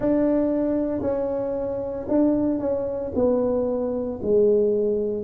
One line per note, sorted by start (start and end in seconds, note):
0.00 1.01 D4
1.01 2.06 C#4
2.08 2.59 D4
2.59 3.11 C#4
3.14 4.20 B3
4.22 5.23 G#3